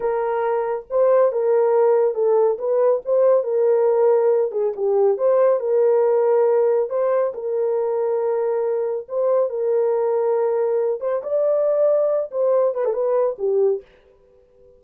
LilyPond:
\new Staff \with { instrumentName = "horn" } { \time 4/4 \tempo 4 = 139 ais'2 c''4 ais'4~ | ais'4 a'4 b'4 c''4 | ais'2~ ais'8 gis'8 g'4 | c''4 ais'2. |
c''4 ais'2.~ | ais'4 c''4 ais'2~ | ais'4. c''8 d''2~ | d''8 c''4 b'16 a'16 b'4 g'4 | }